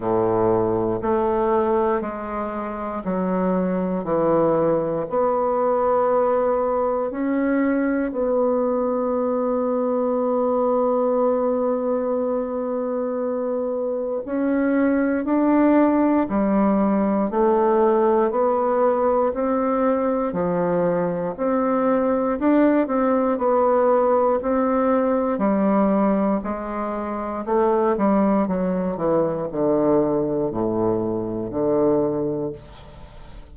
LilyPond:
\new Staff \with { instrumentName = "bassoon" } { \time 4/4 \tempo 4 = 59 a,4 a4 gis4 fis4 | e4 b2 cis'4 | b1~ | b2 cis'4 d'4 |
g4 a4 b4 c'4 | f4 c'4 d'8 c'8 b4 | c'4 g4 gis4 a8 g8 | fis8 e8 d4 a,4 d4 | }